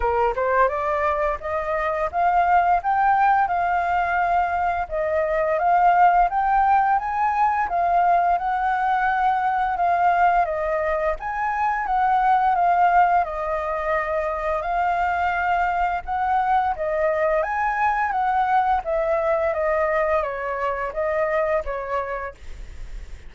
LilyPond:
\new Staff \with { instrumentName = "flute" } { \time 4/4 \tempo 4 = 86 ais'8 c''8 d''4 dis''4 f''4 | g''4 f''2 dis''4 | f''4 g''4 gis''4 f''4 | fis''2 f''4 dis''4 |
gis''4 fis''4 f''4 dis''4~ | dis''4 f''2 fis''4 | dis''4 gis''4 fis''4 e''4 | dis''4 cis''4 dis''4 cis''4 | }